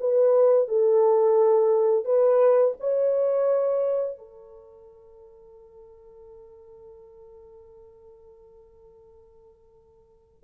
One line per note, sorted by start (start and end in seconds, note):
0.00 0.68 B4
0.68 2.05 A4
2.05 2.74 B4
2.80 4.18 C#5
4.18 10.43 A4